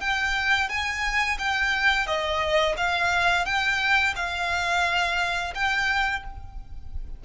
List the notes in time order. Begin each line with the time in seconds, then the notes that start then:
0.00 G5
0.69 G#5
1.39 G5
2.07 D#5
2.77 F5
3.45 G5
4.16 F5
5.55 G5